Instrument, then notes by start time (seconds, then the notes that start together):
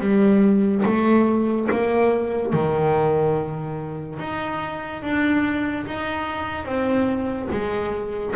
double bass
0.00 G3
0.85 A3
1.71 A#3
2.53 D#3
4.19 D#4
5.02 D4
5.86 D#4
6.65 C4
7.51 G#3